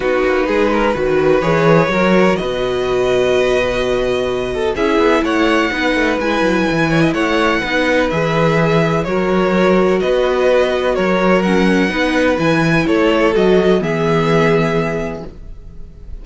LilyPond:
<<
  \new Staff \with { instrumentName = "violin" } { \time 4/4 \tempo 4 = 126 b'2. cis''4~ | cis''4 dis''2.~ | dis''2 e''4 fis''4~ | fis''4 gis''2 fis''4~ |
fis''4 e''2 cis''4~ | cis''4 dis''2 cis''4 | fis''2 gis''4 cis''4 | dis''4 e''2. | }
  \new Staff \with { instrumentName = "violin" } { \time 4/4 fis'4 gis'8 ais'8 b'2 | ais'4 b'2.~ | b'4. a'8 gis'4 cis''4 | b'2~ b'8 cis''16 dis''16 cis''4 |
b'2. ais'4~ | ais'4 b'2 ais'4~ | ais'4 b'2 a'4~ | a'4 gis'2. | }
  \new Staff \with { instrumentName = "viola" } { \time 4/4 dis'2 fis'4 gis'4 | fis'1~ | fis'2 e'2 | dis'4 e'2. |
dis'4 gis'2 fis'4~ | fis'1 | cis'4 dis'4 e'2 | fis'4 b2. | }
  \new Staff \with { instrumentName = "cello" } { \time 4/4 b8 ais8 gis4 dis4 e4 | fis4 b,2.~ | b,2 cis'8 b8 a4 | b8 a8 gis8 fis8 e4 a4 |
b4 e2 fis4~ | fis4 b2 fis4~ | fis4 b4 e4 a4 | fis4 e2. | }
>>